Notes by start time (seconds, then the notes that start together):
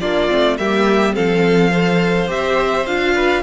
0.00 A#3 D4 F4 D5
0.29 A3 C4
0.57 G3 A#3 G4 E5
1.13 F3 C4 A4 F5
1.71 A4 C5
2.27 C4 G4 E5
2.86 D4 F4 F5
3.14 B4